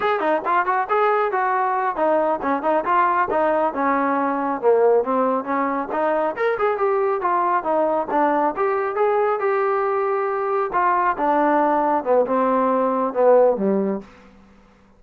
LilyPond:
\new Staff \with { instrumentName = "trombone" } { \time 4/4 \tempo 4 = 137 gis'8 dis'8 f'8 fis'8 gis'4 fis'4~ | fis'8 dis'4 cis'8 dis'8 f'4 dis'8~ | dis'8 cis'2 ais4 c'8~ | c'8 cis'4 dis'4 ais'8 gis'8 g'8~ |
g'8 f'4 dis'4 d'4 g'8~ | g'8 gis'4 g'2~ g'8~ | g'8 f'4 d'2 b8 | c'2 b4 g4 | }